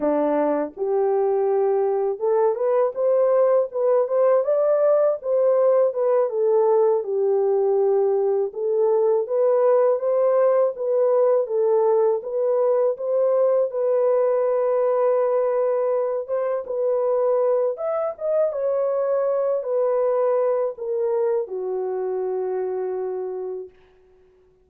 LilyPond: \new Staff \with { instrumentName = "horn" } { \time 4/4 \tempo 4 = 81 d'4 g'2 a'8 b'8 | c''4 b'8 c''8 d''4 c''4 | b'8 a'4 g'2 a'8~ | a'8 b'4 c''4 b'4 a'8~ |
a'8 b'4 c''4 b'4.~ | b'2 c''8 b'4. | e''8 dis''8 cis''4. b'4. | ais'4 fis'2. | }